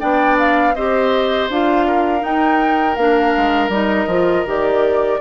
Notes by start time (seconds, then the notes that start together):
0.00 B3 D4 D5 G5
0.39 F5
0.75 C4 G4 C5 D#5
1.49 D4 F4 F5
1.87 A#4
2.20 D#4 G5
2.96 A#3 D4 F5
3.37 G#3
3.69 G3 D#4 D#5
4.07 F3 F4
4.46 D#3 G4 D5